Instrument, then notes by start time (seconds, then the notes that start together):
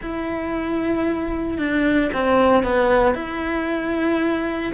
cello
0.02 E4
1.58 D4
2.13 C4
2.63 B3
3.14 E4